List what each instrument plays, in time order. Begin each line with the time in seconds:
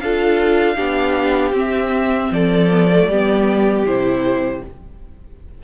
0.00 cello D4, viola F4, violin A4 F5
0.76 cello B3, viola D4, violin G4
1.53 cello C4, viola C4
1.59 violin E5
2.31 cello F3, violin A4 D5
2.71 viola B3
2.93 viola A3
3.08 cello G3, viola B3, violin G4
3.84 cello C3, viola E4, violin C5